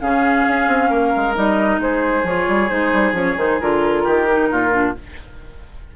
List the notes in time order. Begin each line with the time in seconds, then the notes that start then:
0.00 C#3 C#4 G#4 F5
0.47 C#4
0.67 C4
0.89 A#3 A#4
1.16 G#3
1.34 G3 D#4 D#5
1.78 G#3 G#4 C5
2.23 F3 F4 C#5
2.47 G3
2.69 G#3 D#4 C5
2.92 G3
3.12 F3 C#4 C#5
3.37 D#3 D#4 C5
3.60 D3 F4 A#4
4.03 D#3 G4
4.29 D#4
4.51 A#2 F4
4.71 D4